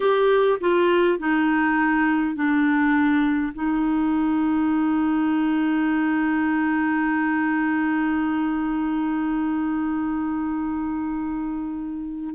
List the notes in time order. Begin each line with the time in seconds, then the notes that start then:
0.00 G4
0.60 F4
1.18 D#4
2.35 D4
3.53 D#4